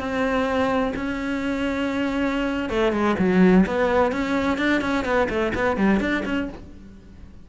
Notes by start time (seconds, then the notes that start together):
0.00 C4
0.97 C#4
2.70 A3
2.93 G#3
3.19 F#3
3.67 B3
4.12 C#4
4.59 D4
4.82 C#4
5.05 B3
5.30 A3
5.55 B3
5.77 G3
6.00 D4
6.26 C#4